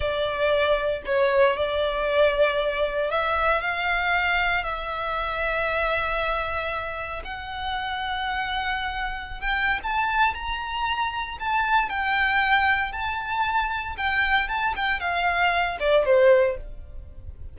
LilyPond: \new Staff \with { instrumentName = "violin" } { \time 4/4 \tempo 4 = 116 d''2 cis''4 d''4~ | d''2 e''4 f''4~ | f''4 e''2.~ | e''2 fis''2~ |
fis''2~ fis''16 g''8. a''4 | ais''2 a''4 g''4~ | g''4 a''2 g''4 | a''8 g''8 f''4. d''8 c''4 | }